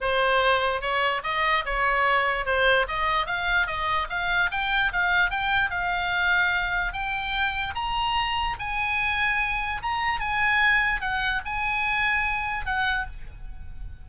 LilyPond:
\new Staff \with { instrumentName = "oboe" } { \time 4/4 \tempo 4 = 147 c''2 cis''4 dis''4 | cis''2 c''4 dis''4 | f''4 dis''4 f''4 g''4 | f''4 g''4 f''2~ |
f''4 g''2 ais''4~ | ais''4 gis''2. | ais''4 gis''2 fis''4 | gis''2. fis''4 | }